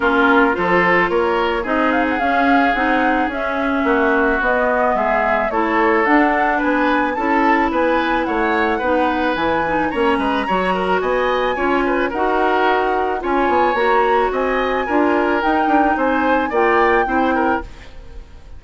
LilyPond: <<
  \new Staff \with { instrumentName = "flute" } { \time 4/4 \tempo 4 = 109 ais'4 c''4 cis''4 dis''8 f''16 fis''16 | f''4 fis''4 e''2 | dis''4 e''4 cis''4 fis''4 | gis''4 a''4 gis''4 fis''4~ |
fis''4 gis''4 ais''2 | gis''2 fis''2 | gis''4 ais''4 gis''2 | g''4 gis''4 g''2 | }
  \new Staff \with { instrumentName = "oboe" } { \time 4/4 f'4 a'4 ais'4 gis'4~ | gis'2. fis'4~ | fis'4 gis'4 a'2 | b'4 a'4 b'4 cis''4 |
b'2 cis''8 b'8 cis''8 ais'8 | dis''4 cis''8 b'8 ais'2 | cis''2 dis''4 ais'4~ | ais'4 c''4 d''4 c''8 ais'8 | }
  \new Staff \with { instrumentName = "clarinet" } { \time 4/4 cis'4 f'2 dis'4 | cis'4 dis'4 cis'2 | b2 e'4 d'4~ | d'4 e'2. |
dis'4 e'8 dis'8 cis'4 fis'4~ | fis'4 f'4 fis'2 | f'4 fis'2 f'4 | dis'2 f'4 e'4 | }
  \new Staff \with { instrumentName = "bassoon" } { \time 4/4 ais4 f4 ais4 c'4 | cis'4 c'4 cis'4 ais4 | b4 gis4 a4 d'4 | b4 cis'4 b4 a4 |
b4 e4 ais8 gis8 fis4 | b4 cis'4 dis'2 | cis'8 b8 ais4 c'4 d'4 | dis'8 d'8 c'4 ais4 c'4 | }
>>